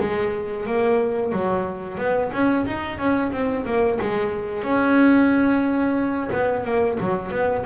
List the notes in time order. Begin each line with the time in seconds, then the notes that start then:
0.00 G#3
0.66 A#3
1.32 F#3
1.98 B3
2.33 C#4
2.66 D#4
2.98 C#4
3.32 C4
3.65 A#3
4.01 G#3
4.64 C#4
6.32 B3
6.65 A#3
7.01 F#3
7.31 B3